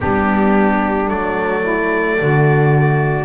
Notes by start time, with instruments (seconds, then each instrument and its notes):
0.00 double bass G3, viola B3, saxophone D4, trumpet G4
1.07 double bass F#3, viola A3, trumpet D5
1.61 saxophone E4
2.20 double bass D3, saxophone F#4